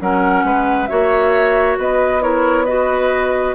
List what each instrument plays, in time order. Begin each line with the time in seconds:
0.00 bassoon F#3, clarinet C#4, oboe A#4, flute F#5
0.44 bassoon G#3, oboe B4
0.86 bassoon A#3, clarinet F#4, oboe C#5, flute E5
1.78 bassoon B3, oboe B4, flute D#5
2.21 clarinet E4, oboe A#4, flute C#5
2.65 clarinet F#4, oboe B4, flute D#5